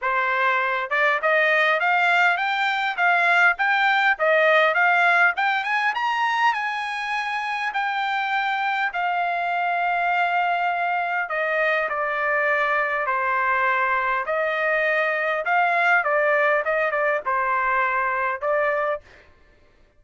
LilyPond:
\new Staff \with { instrumentName = "trumpet" } { \time 4/4 \tempo 4 = 101 c''4. d''8 dis''4 f''4 | g''4 f''4 g''4 dis''4 | f''4 g''8 gis''8 ais''4 gis''4~ | gis''4 g''2 f''4~ |
f''2. dis''4 | d''2 c''2 | dis''2 f''4 d''4 | dis''8 d''8 c''2 d''4 | }